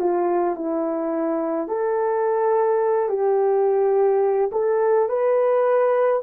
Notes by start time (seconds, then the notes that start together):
0.00 F4
0.56 E4
1.69 A4
3.09 G4
4.53 A4
5.09 B4